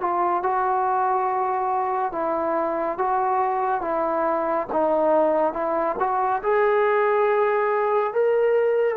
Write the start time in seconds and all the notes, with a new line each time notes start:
0.00 F4
0.42 F#4
2.12 E4
2.98 F#4
3.81 E4
4.72 D#4
5.53 E4
5.99 F#4
6.42 G#4
8.13 A#4